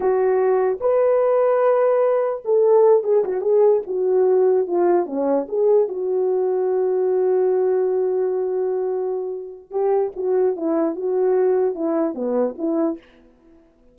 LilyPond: \new Staff \with { instrumentName = "horn" } { \time 4/4 \tempo 4 = 148 fis'2 b'2~ | b'2 a'4. gis'8 | fis'8 gis'4 fis'2 f'8~ | f'8 cis'4 gis'4 fis'4.~ |
fis'1~ | fis'1 | g'4 fis'4 e'4 fis'4~ | fis'4 e'4 b4 e'4 | }